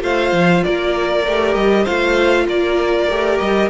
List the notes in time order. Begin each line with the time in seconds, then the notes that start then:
0.00 A3 F4 C5 F5
0.32 F3
0.64 A#3 A#4 D5
1.26 A3 G4
1.54 G3 D#5
1.83 A3 F4 C5 F5
2.47 A#3 A#4 D5
3.09 A3 G4
3.38 G3 D#5